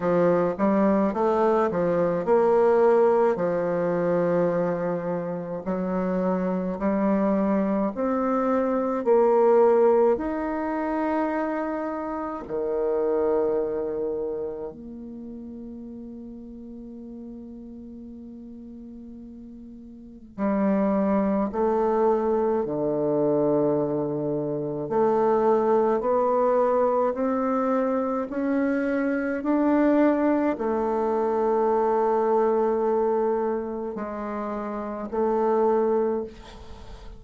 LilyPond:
\new Staff \with { instrumentName = "bassoon" } { \time 4/4 \tempo 4 = 53 f8 g8 a8 f8 ais4 f4~ | f4 fis4 g4 c'4 | ais4 dis'2 dis4~ | dis4 ais2.~ |
ais2 g4 a4 | d2 a4 b4 | c'4 cis'4 d'4 a4~ | a2 gis4 a4 | }